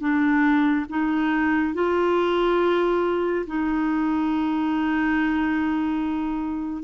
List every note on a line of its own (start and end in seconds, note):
0.00 0.86 D4
0.89 1.74 D#4
1.74 3.46 F4
3.46 6.83 D#4